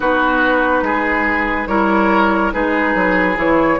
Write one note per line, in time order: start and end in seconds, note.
0.00 0.82 B3
0.00 1.68 D#4
0.00 0.83 F#4
0.00 1.67 B4
0.82 1.66 G#3
0.82 1.68 G#4
1.67 2.51 G3
1.67 2.52 E4
1.67 2.53 A#4
1.67 2.51 C#5
2.52 2.94 G#3
2.52 3.35 D#4
2.52 3.79 G#4
2.52 3.37 B4
2.94 3.36 F#3
3.35 3.79 E3
3.35 3.77 E4
3.35 3.80 C#5